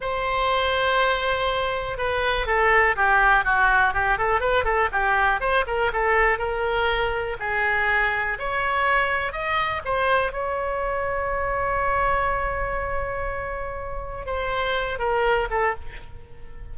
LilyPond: \new Staff \with { instrumentName = "oboe" } { \time 4/4 \tempo 4 = 122 c''1 | b'4 a'4 g'4 fis'4 | g'8 a'8 b'8 a'8 g'4 c''8 ais'8 | a'4 ais'2 gis'4~ |
gis'4 cis''2 dis''4 | c''4 cis''2.~ | cis''1~ | cis''4 c''4. ais'4 a'8 | }